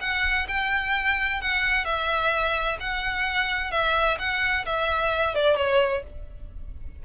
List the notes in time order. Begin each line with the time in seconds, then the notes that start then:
0.00 F#5
0.48 G5
1.41 F#5
1.84 E5
2.79 F#5
3.71 E5
4.18 F#5
4.65 E5
5.35 D5
5.56 C#5